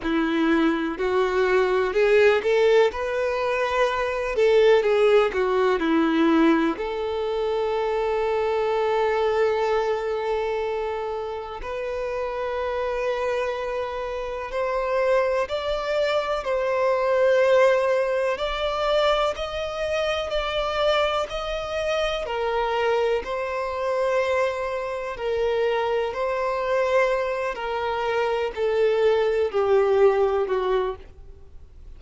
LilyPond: \new Staff \with { instrumentName = "violin" } { \time 4/4 \tempo 4 = 62 e'4 fis'4 gis'8 a'8 b'4~ | b'8 a'8 gis'8 fis'8 e'4 a'4~ | a'1 | b'2. c''4 |
d''4 c''2 d''4 | dis''4 d''4 dis''4 ais'4 | c''2 ais'4 c''4~ | c''8 ais'4 a'4 g'4 fis'8 | }